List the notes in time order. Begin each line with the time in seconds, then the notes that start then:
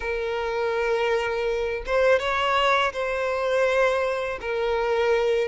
0.00 A#4
1.86 C5
2.19 C#5
2.93 C5
4.41 A#4